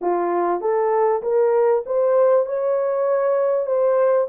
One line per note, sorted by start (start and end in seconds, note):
0.01 0.60 F4
0.60 1.22 A4
1.22 1.83 A#4
1.86 2.45 C5
2.45 3.66 C#5
3.66 4.27 C5